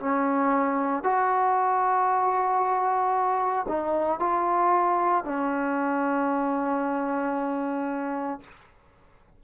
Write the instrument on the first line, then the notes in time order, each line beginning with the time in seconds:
trombone
0.00 C#4
1.03 F#4
3.68 D#4
4.20 F4
5.25 C#4